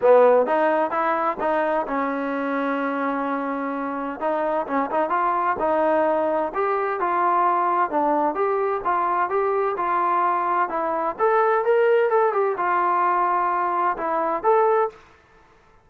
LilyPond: \new Staff \with { instrumentName = "trombone" } { \time 4/4 \tempo 4 = 129 b4 dis'4 e'4 dis'4 | cis'1~ | cis'4 dis'4 cis'8 dis'8 f'4 | dis'2 g'4 f'4~ |
f'4 d'4 g'4 f'4 | g'4 f'2 e'4 | a'4 ais'4 a'8 g'8 f'4~ | f'2 e'4 a'4 | }